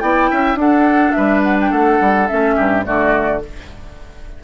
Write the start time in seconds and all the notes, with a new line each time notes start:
0.00 B3 E4 D5 G5
0.31 C#4 E5
0.55 D4 A4 F#5
1.12 G3 B4 E5
1.43 F#5
1.61 G5
1.71 A3 A4 F#5
2.01 G3
2.28 A3 C#4 E5
2.56 G2 G4
2.83 D3 A3 F#4 D5